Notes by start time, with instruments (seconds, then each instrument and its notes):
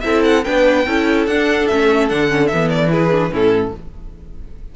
0.00 cello C4, viola E4, violin A4 E5
0.24 violin F#5
0.44 cello B3, viola D4, violin B4 G5
0.86 cello C#4, viola E4, violin A4
1.26 cello D4, viola D4, violin F#5
1.67 cello A3, viola C#4, violin E5
2.08 cello D3, viola D4, violin F#5
2.27 viola C#4
2.47 cello E3, violin E5
2.53 viola B3
2.69 violin D5
2.88 viola E4, violin G#4 B4
3.11 viola D4
3.30 cello A2, viola C#4, violin E4 A4